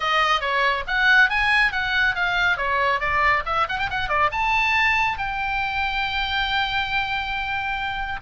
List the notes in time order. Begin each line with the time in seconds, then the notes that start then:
0.00 D#5
0.40 C#5
0.87 F#5
1.29 G#5
1.71 F#5
2.15 F5
2.57 C#5
3.00 D5
3.45 E5
3.68 F#5
3.79 G5
3.90 F#5
4.08 D5
4.31 A5
5.18 G5